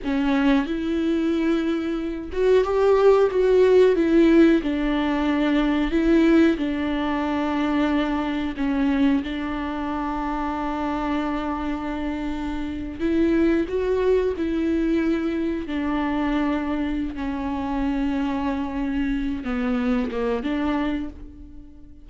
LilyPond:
\new Staff \with { instrumentName = "viola" } { \time 4/4 \tempo 4 = 91 cis'4 e'2~ e'8 fis'8 | g'4 fis'4 e'4 d'4~ | d'4 e'4 d'2~ | d'4 cis'4 d'2~ |
d'2.~ d'8. e'16~ | e'8. fis'4 e'2 d'16~ | d'2 cis'2~ | cis'4. b4 ais8 d'4 | }